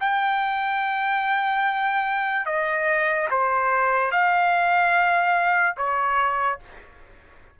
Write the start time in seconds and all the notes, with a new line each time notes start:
0.00 G5
2.45 D#5
3.30 C5
4.11 F5
5.77 C#5